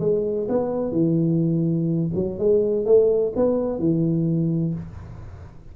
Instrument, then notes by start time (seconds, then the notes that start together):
tuba
0.00 G#3
0.49 B3
0.92 E3
2.15 F#3
2.39 G#3
2.86 A3
3.36 B3
3.79 E3